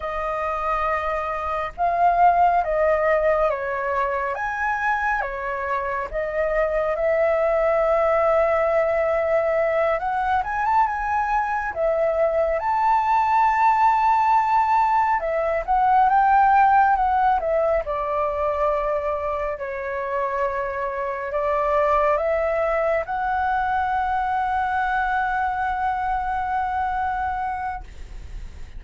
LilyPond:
\new Staff \with { instrumentName = "flute" } { \time 4/4 \tempo 4 = 69 dis''2 f''4 dis''4 | cis''4 gis''4 cis''4 dis''4 | e''2.~ e''8 fis''8 | gis''16 a''16 gis''4 e''4 a''4.~ |
a''4. e''8 fis''8 g''4 fis''8 | e''8 d''2 cis''4.~ | cis''8 d''4 e''4 fis''4.~ | fis''1 | }